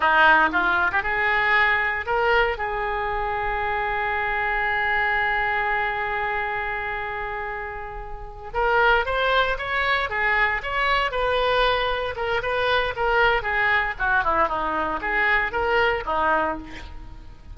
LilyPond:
\new Staff \with { instrumentName = "oboe" } { \time 4/4 \tempo 4 = 116 dis'4 f'8. g'16 gis'2 | ais'4 gis'2.~ | gis'1~ | gis'1~ |
gis'8 ais'4 c''4 cis''4 gis'8~ | gis'8 cis''4 b'2 ais'8 | b'4 ais'4 gis'4 fis'8 e'8 | dis'4 gis'4 ais'4 dis'4 | }